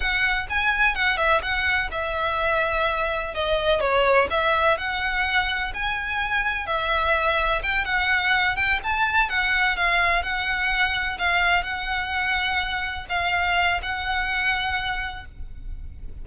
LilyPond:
\new Staff \with { instrumentName = "violin" } { \time 4/4 \tempo 4 = 126 fis''4 gis''4 fis''8 e''8 fis''4 | e''2. dis''4 | cis''4 e''4 fis''2 | gis''2 e''2 |
g''8 fis''4. g''8 a''4 fis''8~ | fis''8 f''4 fis''2 f''8~ | f''8 fis''2. f''8~ | f''4 fis''2. | }